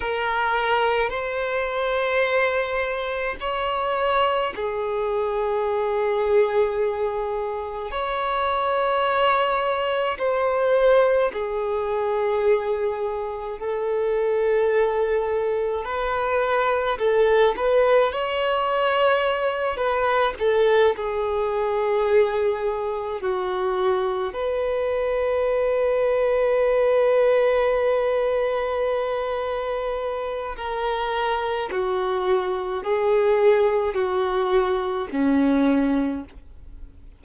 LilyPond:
\new Staff \with { instrumentName = "violin" } { \time 4/4 \tempo 4 = 53 ais'4 c''2 cis''4 | gis'2. cis''4~ | cis''4 c''4 gis'2 | a'2 b'4 a'8 b'8 |
cis''4. b'8 a'8 gis'4.~ | gis'8 fis'4 b'2~ b'8~ | b'2. ais'4 | fis'4 gis'4 fis'4 cis'4 | }